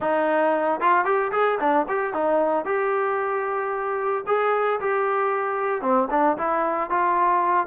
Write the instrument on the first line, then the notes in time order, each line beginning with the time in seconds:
trombone
0.00 D#4
0.80 F4
1.05 G4
1.32 G#4
1.60 D4
1.88 G4
2.13 D#4
2.65 G4
4.26 G#4
4.80 G4
5.81 C4
6.10 D4
6.37 E4
6.90 F4